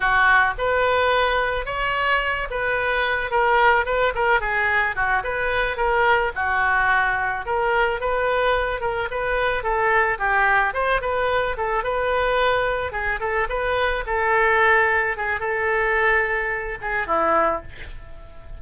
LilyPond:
\new Staff \with { instrumentName = "oboe" } { \time 4/4 \tempo 4 = 109 fis'4 b'2 cis''4~ | cis''8 b'4. ais'4 b'8 ais'8 | gis'4 fis'8 b'4 ais'4 fis'8~ | fis'4. ais'4 b'4. |
ais'8 b'4 a'4 g'4 c''8 | b'4 a'8 b'2 gis'8 | a'8 b'4 a'2 gis'8 | a'2~ a'8 gis'8 e'4 | }